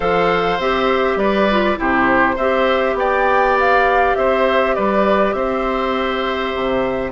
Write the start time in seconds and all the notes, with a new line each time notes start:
0.00 F3 A4 C5 F5
0.58 C4 G4 E5
1.16 G3 B4 D5
1.50 F4
1.76 C3 E4 G4 C5
2.35 C4 G4 C5 E5
2.94 B3 D5 G5
3.59 F5
4.15 C4 C5 E5
4.74 G3 B4 D5
5.33 C4 C5 E5
6.54 C3